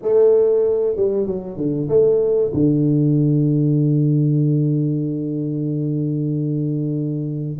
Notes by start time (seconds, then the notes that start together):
0.01 A3
0.96 G3
1.26 F#3
1.56 D3
1.88 A3
2.53 D3